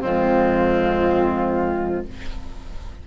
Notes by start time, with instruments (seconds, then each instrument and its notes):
0.00 bassoon F2, clarinet G#3, oboe C4, flute F4